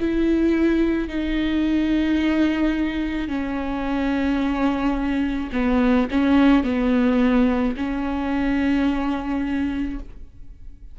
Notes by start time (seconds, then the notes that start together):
0.00 E4
1.09 D#4
3.28 C#4
5.53 B3
6.11 C#4
6.64 B3
7.77 C#4